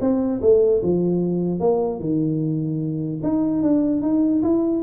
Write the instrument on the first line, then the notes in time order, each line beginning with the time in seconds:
tuba
0.00 C4
0.41 A3
0.82 F3
1.59 A#3
2.00 D#3
3.23 D#4
3.62 D4
4.01 D#4
4.42 E4